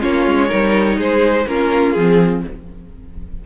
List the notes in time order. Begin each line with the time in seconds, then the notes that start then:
0.00 A#3 C#4 F4 C#5
0.26 G#3
0.48 G3 D#4 A#4
0.97 G#3 G#4 C5
1.47 A#3 C#4 F4 A#4
1.93 F3 C4 G#4